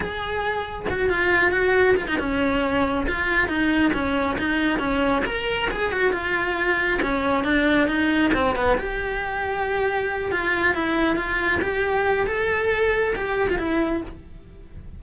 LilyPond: \new Staff \with { instrumentName = "cello" } { \time 4/4 \tempo 4 = 137 gis'2 fis'8 f'4 fis'8~ | fis'8 f'16 dis'16 cis'2 f'4 | dis'4 cis'4 dis'4 cis'4 | ais'4 gis'8 fis'8 f'2 |
cis'4 d'4 dis'4 c'8 b8 | g'2.~ g'8 f'8~ | f'8 e'4 f'4 g'4. | a'2 g'8. f'16 e'4 | }